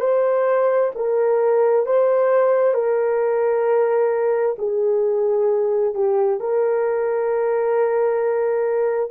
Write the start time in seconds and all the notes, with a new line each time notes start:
0.00 C5
0.95 A#4
1.86 C5
2.74 A#4
4.58 G#4
5.94 G4
6.40 A#4